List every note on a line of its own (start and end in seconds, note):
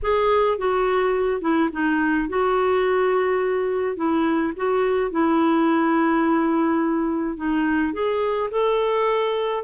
0.02 0.58 G#4
0.58 1.41 F#4
1.41 1.69 E4
1.72 2.28 D#4
2.28 3.96 F#4
3.96 4.53 E4
4.56 5.11 F#4
5.11 7.36 E4
7.36 7.93 D#4
7.93 8.49 G#4
8.51 9.64 A4